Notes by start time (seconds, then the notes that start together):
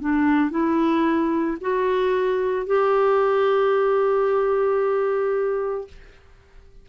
0.00 D4
0.51 E4
1.60 F#4
2.66 G4